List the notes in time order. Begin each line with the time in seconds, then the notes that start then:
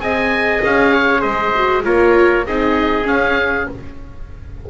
0.00 C4 G#4 D#5 G#5
0.64 C#4 F5
0.94 C#5
1.21 G#3 C5 D#5
1.55 F#4
1.84 A#3 F4 A#4 C#5
2.46 C4 D#4 G#4 D#5
3.04 C#4 F5